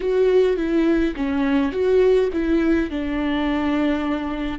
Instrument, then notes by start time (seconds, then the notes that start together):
viola
0.00 F#4
0.56 E4
1.16 C#4
1.72 F#4
2.32 E4
2.90 D4